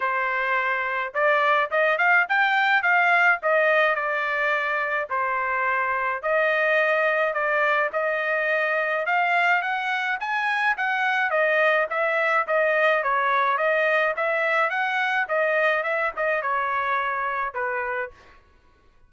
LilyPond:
\new Staff \with { instrumentName = "trumpet" } { \time 4/4 \tempo 4 = 106 c''2 d''4 dis''8 f''8 | g''4 f''4 dis''4 d''4~ | d''4 c''2 dis''4~ | dis''4 d''4 dis''2 |
f''4 fis''4 gis''4 fis''4 | dis''4 e''4 dis''4 cis''4 | dis''4 e''4 fis''4 dis''4 | e''8 dis''8 cis''2 b'4 | }